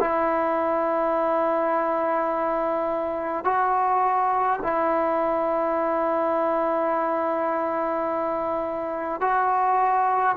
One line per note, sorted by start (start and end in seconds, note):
0.00 3.45 E4
3.45 4.60 F#4
4.63 9.21 E4
9.21 10.36 F#4